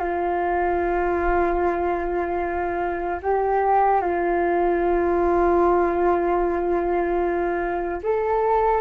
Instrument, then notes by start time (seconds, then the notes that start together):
flute
0.00 F4
3.23 G4
4.01 F4
8.03 A4